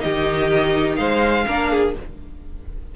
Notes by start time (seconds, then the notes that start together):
0.00 D#3 D#4 G4 D#5
0.96 G#3 C5 F5
1.47 A#3 D4 A#4
1.71 G#4